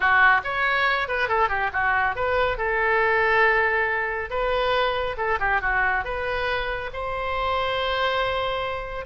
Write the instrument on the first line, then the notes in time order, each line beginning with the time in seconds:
oboe
0.00 F#4
0.44 C#5
1.08 B4
1.28 A4
1.48 G4
1.72 F#4
2.15 B4
2.57 A4
4.30 B4
5.17 A4
5.39 G4
5.61 F#4
6.04 B4
6.93 C5